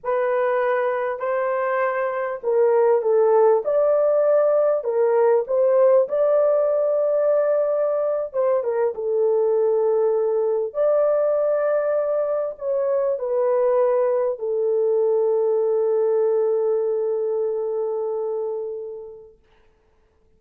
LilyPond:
\new Staff \with { instrumentName = "horn" } { \time 4/4 \tempo 4 = 99 b'2 c''2 | ais'4 a'4 d''2 | ais'4 c''4 d''2~ | d''4.~ d''16 c''8 ais'8 a'4~ a'16~ |
a'4.~ a'16 d''2~ d''16~ | d''8. cis''4 b'2 a'16~ | a'1~ | a'1 | }